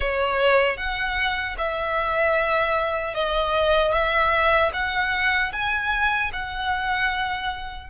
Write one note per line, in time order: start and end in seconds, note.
0.00 0.77 C#5
0.77 1.56 F#5
1.58 3.14 E5
3.14 3.92 D#5
3.92 4.71 E5
4.73 5.52 F#5
5.52 6.31 G#5
6.32 7.89 F#5